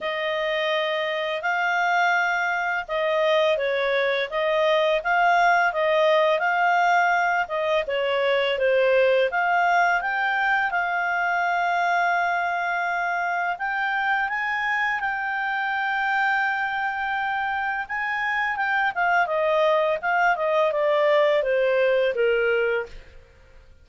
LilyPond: \new Staff \with { instrumentName = "clarinet" } { \time 4/4 \tempo 4 = 84 dis''2 f''2 | dis''4 cis''4 dis''4 f''4 | dis''4 f''4. dis''8 cis''4 | c''4 f''4 g''4 f''4~ |
f''2. g''4 | gis''4 g''2.~ | g''4 gis''4 g''8 f''8 dis''4 | f''8 dis''8 d''4 c''4 ais'4 | }